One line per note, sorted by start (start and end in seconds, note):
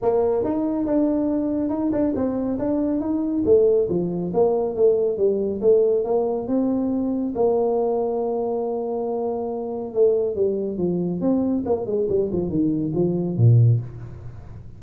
0.02 0.44 A#3
0.44 0.85 D#4
0.85 1.69 D4
1.69 1.91 D#4
1.92 2.14 D4
2.15 2.58 C4
2.58 3.00 D4
3.00 3.43 D#4
3.45 3.88 A3
3.89 4.32 F3
4.33 4.75 A#3
4.75 5.17 A3
5.17 5.60 G3
5.61 6.04 A3
6.04 6.47 A#3
6.47 7.33 C4
7.35 9.94 A#3
9.94 10.35 A3
10.35 10.77 G3
10.77 11.20 F3
11.20 11.63 C4
11.65 11.85 A#3
11.85 12.07 G#3
12.09 12.30 G3
12.32 12.49 F3
12.49 12.92 D#3
12.94 13.36 F3
13.36 13.79 A#2